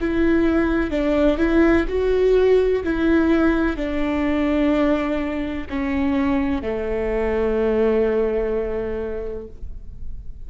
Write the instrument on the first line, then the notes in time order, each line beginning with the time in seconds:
viola
0.00 E4
0.90 D4
1.38 E4
1.88 F#4
2.84 E4
3.77 D4
5.69 C#4
6.62 A3